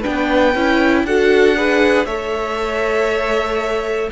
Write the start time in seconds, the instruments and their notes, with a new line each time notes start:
0.00 viola D4, violin B4 G5
0.06 cello B3
0.55 cello C#4, viola E4
1.04 cello D4, viola F#4, violin A4 F#5
1.56 viola G#4, violin B4
2.05 cello A3, viola A4, violin C#5 E5